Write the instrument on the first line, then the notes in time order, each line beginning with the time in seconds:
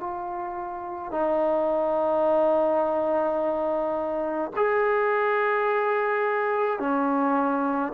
trombone
0.00 F4
1.12 D#4
4.56 G#4
6.80 C#4